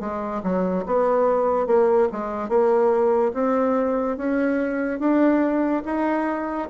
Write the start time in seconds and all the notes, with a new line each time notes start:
0.00 G#3
0.43 F#3
0.86 B3
1.66 A#3
2.12 G#3
2.48 A#3
3.33 C4
4.17 C#4
4.99 D4
5.85 D#4